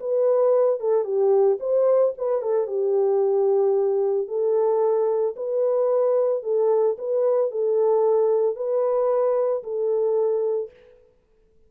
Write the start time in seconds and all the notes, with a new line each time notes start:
0.00 B4
0.80 A4
1.04 G4
1.60 C5
2.18 B4
2.42 A4
2.67 G4
4.28 A4
5.36 B4
6.43 A4
6.98 B4
7.51 A4
8.56 B4
9.64 A4